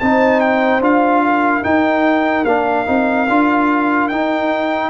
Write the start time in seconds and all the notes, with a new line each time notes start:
0.00 C4 D#4 C5 A5
0.40 G5
0.81 D4 F4 F5
1.25 A#4
1.64 D#4 G5
2.45 A#3 D4 F5
2.86 C4 D#4
3.29 D4 F4
4.09 D#4 G5